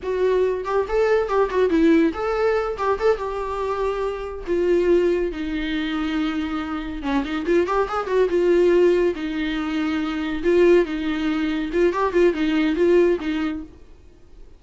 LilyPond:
\new Staff \with { instrumentName = "viola" } { \time 4/4 \tempo 4 = 141 fis'4. g'8 a'4 g'8 fis'8 | e'4 a'4. g'8 a'8 g'8~ | g'2~ g'8 f'4.~ | f'8 dis'2.~ dis'8~ |
dis'8 cis'8 dis'8 f'8 g'8 gis'8 fis'8 f'8~ | f'4. dis'2~ dis'8~ | dis'8 f'4 dis'2 f'8 | g'8 f'8 dis'4 f'4 dis'4 | }